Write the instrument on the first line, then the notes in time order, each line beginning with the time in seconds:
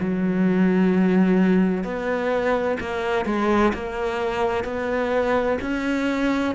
cello
0.00 F#3
1.84 B3
2.80 A#3
3.26 G#3
3.74 A#3
4.64 B3
5.62 C#4